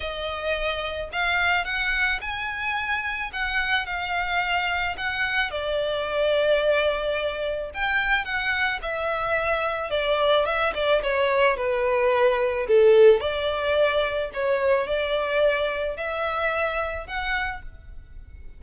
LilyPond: \new Staff \with { instrumentName = "violin" } { \time 4/4 \tempo 4 = 109 dis''2 f''4 fis''4 | gis''2 fis''4 f''4~ | f''4 fis''4 d''2~ | d''2 g''4 fis''4 |
e''2 d''4 e''8 d''8 | cis''4 b'2 a'4 | d''2 cis''4 d''4~ | d''4 e''2 fis''4 | }